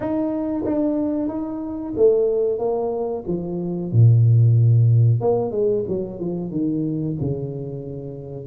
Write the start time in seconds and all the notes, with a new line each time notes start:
0.00 D#4
0.65 D4
1.28 D#4
1.96 A3
2.58 A#3
3.27 F3
3.92 A#2
5.20 A#3
5.51 G#3
5.88 F#3
6.19 F3
6.51 D#3
7.21 C#3